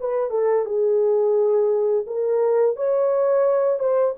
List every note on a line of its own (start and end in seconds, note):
0.00 0.30 B4
0.30 0.65 A4
0.65 2.05 G#4
2.06 2.76 A#4
2.76 3.79 C#5
3.79 4.14 C5